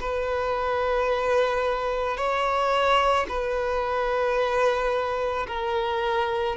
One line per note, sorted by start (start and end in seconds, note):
0.00 2.17 B4
2.17 3.26 C#5
3.28 5.46 B4
5.47 6.56 A#4